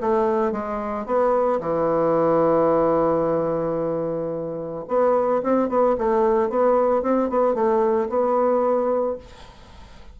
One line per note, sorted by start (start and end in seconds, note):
0.00 0.52 A3
0.52 1.05 G#3
1.05 1.59 B3
1.60 4.85 E3
4.87 5.42 B3
5.43 5.68 C4
5.68 5.95 B3
5.98 6.49 A3
6.49 7.02 B3
7.02 7.29 C4
7.29 7.54 B3
7.54 8.08 A3
8.09 9.17 B3